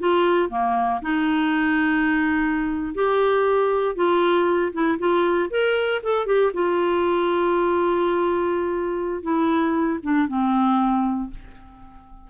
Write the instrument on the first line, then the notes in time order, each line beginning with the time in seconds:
clarinet
0.00 F4
0.50 A#3
1.02 D#4
2.95 G4
3.96 F4
4.73 E4
4.99 F4
5.51 A#4
6.03 A4
6.27 G4
6.54 F4
9.23 E4
10.03 D4
10.28 C4